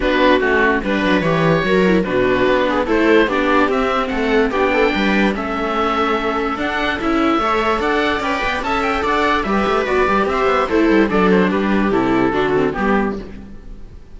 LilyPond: <<
  \new Staff \with { instrumentName = "oboe" } { \time 4/4 \tempo 4 = 146 b'4 fis'4 b'4 cis''4~ | cis''4 b'2 c''4 | d''4 e''4 fis''4 g''4~ | g''4 e''2. |
fis''4 e''2 fis''4 | g''4 a''8 g''8 fis''4 e''4 | d''4 e''4 c''4 d''8 c''8 | b'4 a'2 g'4 | }
  \new Staff \with { instrumentName = "viola" } { \time 4/4 fis'2 b'2 | ais'4 fis'4. gis'8 a'4 | g'2 a'4 g'8 a'8 | b'4 a'2.~ |
a'2 cis''4 d''4~ | d''4 e''4 d''4 b'4~ | b'4 c''4 e'4 a'4 | g'2 fis'4 g'4 | }
  \new Staff \with { instrumentName = "viola" } { \time 4/4 d'4 cis'4 d'4 g'4 | fis'8 e'8 d'2 e'4 | d'4 c'2 d'4~ | d'4 cis'2. |
d'4 e'4 a'2 | b'4 a'2 g'4 | fis'8 g'4. a'4 d'4~ | d'4 e'4 d'8 c'8 b4 | }
  \new Staff \with { instrumentName = "cello" } { \time 4/4 b4 a4 g8 fis8 e4 | fis4 b,4 b4 a4 | b4 c'4 a4 b4 | g4 a2. |
d'4 cis'4 a4 d'4 | cis'8 b8 cis'4 d'4 g8 a8 | b8 g8 c'8 b8 a8 g8 fis4 | g4 c4 d4 g4 | }
>>